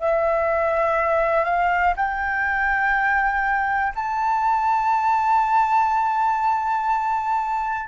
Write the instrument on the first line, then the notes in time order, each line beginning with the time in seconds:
flute
0.00 E5
1.45 F5
1.97 G5
3.96 A5